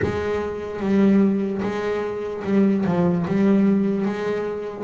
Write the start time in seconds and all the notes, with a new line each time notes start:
0.02 G#3
0.80 G3
1.62 G#3
2.44 G3
2.85 F3
3.27 G3
4.05 G#3